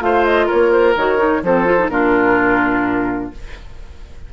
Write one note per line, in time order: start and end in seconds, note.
0.00 0.47 A3
0.00 0.94 F4
0.00 0.46 C5
0.00 0.25 F5
0.25 0.48 D#5
0.46 1.41 A#4
0.46 0.71 C#5
0.53 0.95 A#3
0.71 0.95 C5
0.95 1.42 D#3
0.95 1.17 F#4
0.95 1.44 C#5
1.17 1.41 D#4
1.42 1.89 F3
1.42 1.65 C4
1.42 1.91 A4
1.42 1.89 C5
1.65 1.77 F4
1.78 1.90 D#4
1.89 3.31 A#2
1.89 3.32 D4
1.89 3.33 F4
1.89 3.31 A#4